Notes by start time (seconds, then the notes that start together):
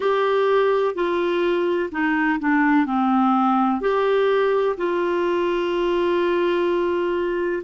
0.00 G4
0.94 F4
1.91 D#4
2.39 D4
2.86 C4
3.81 G4
4.77 F4